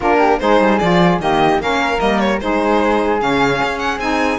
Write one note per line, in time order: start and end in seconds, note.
0.00 0.41 A#3
0.00 0.40 D4
0.00 0.16 F4
0.00 0.39 A#4
0.18 0.38 G4
0.39 0.60 G#3
0.39 0.80 D#4
0.39 1.21 G#4
0.39 0.78 C5
0.60 0.80 G3
0.78 1.19 F3
0.78 1.20 F4
0.78 1.18 D5
1.19 1.58 D#3
1.19 1.60 A#3
1.19 1.62 G4
1.19 1.61 D#5
1.58 1.98 A#3
1.58 1.98 C#4
1.58 2.42 A#4
1.58 1.99 F5
1.98 2.41 G3
1.98 2.38 A#3
1.98 2.19 D#5
2.19 2.39 C#5
2.40 3.21 G#3
2.40 3.19 D#4
2.40 4.39 G#4
2.40 3.20 C5
3.19 3.61 C#3
3.19 3.99 C#4
3.19 3.78 F5
3.63 3.99 C#4
3.78 3.98 F#5
3.99 4.39 C4
3.99 4.39 D#4
3.99 4.39 G#5